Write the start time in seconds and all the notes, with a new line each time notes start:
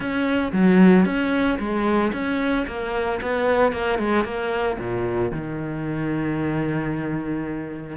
0.00 C#4
0.52 F#3
1.05 C#4
1.59 G#3
2.12 C#4
2.67 A#3
3.21 B3
3.72 A#3
3.98 G#3
4.24 A#3
4.79 A#2
5.31 D#3